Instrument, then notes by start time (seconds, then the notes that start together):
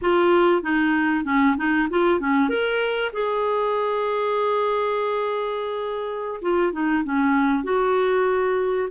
clarinet
0.01 F4
0.62 D#4
1.24 C#4
1.57 D#4
1.89 F4
2.19 C#4
2.49 A#4
3.12 G#4
6.41 F4
6.72 D#4
7.03 C#4
7.63 F#4